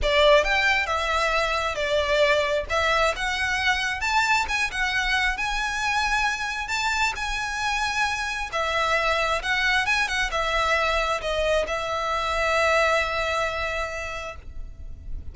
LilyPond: \new Staff \with { instrumentName = "violin" } { \time 4/4 \tempo 4 = 134 d''4 g''4 e''2 | d''2 e''4 fis''4~ | fis''4 a''4 gis''8 fis''4. | gis''2. a''4 |
gis''2. e''4~ | e''4 fis''4 gis''8 fis''8 e''4~ | e''4 dis''4 e''2~ | e''1 | }